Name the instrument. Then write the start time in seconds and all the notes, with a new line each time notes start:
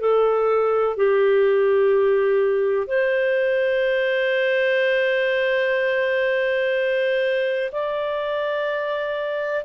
clarinet
0.00 A4
0.96 G4
2.87 C5
7.72 D5